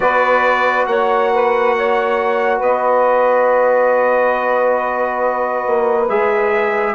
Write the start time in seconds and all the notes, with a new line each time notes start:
0.00 B3 F#4 B4 D5
0.86 A#3 C#5 F#5
1.33 B4
1.76 C#5
2.58 B3 B4 D#5
5.66 A#3
6.08 G#3 G#4 E5